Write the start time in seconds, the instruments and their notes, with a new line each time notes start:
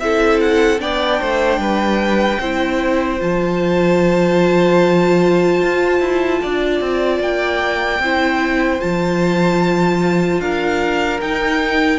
0.00 cello C4, viola E4, violin A4 E5
0.41 violin F#5
0.79 cello B3, viola D4, violin D5 G5
1.20 cello A3, violin C5
1.59 cello G3, violin B4
2.40 cello C4, viola E4, violin C5
3.20 cello F3, viola F4, violin A5
5.62 cello F4
6.01 cello E4
6.43 cello D4, violin D5
6.81 cello C4
7.20 cello A#3, violin G5
8.00 cello C4, viola E4, violin C5
8.80 cello F3, viola F4, violin A5
10.41 cello D4, violin A#4 F5
11.21 viola D#4, cello D#4, violin G5